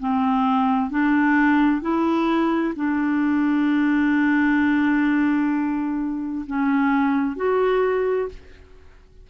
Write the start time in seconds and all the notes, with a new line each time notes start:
0.00 C4
0.91 D4
1.82 E4
2.76 D4
6.47 C#4
7.37 F#4